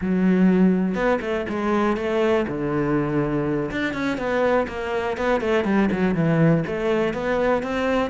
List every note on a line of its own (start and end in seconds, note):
0.01 0.94 F#3
0.94 1.19 B3
1.21 1.46 A3
1.49 1.96 G#3
1.96 2.45 A3
2.47 3.70 D3
3.71 3.93 D4
3.93 4.17 C#4
4.17 4.66 B3
4.67 5.17 A#3
5.17 5.40 B3
5.40 5.64 A3
5.64 5.89 G3
5.92 6.14 F#3
6.14 6.63 E3
6.66 7.13 A3
7.13 7.63 B3
7.63 8.10 C4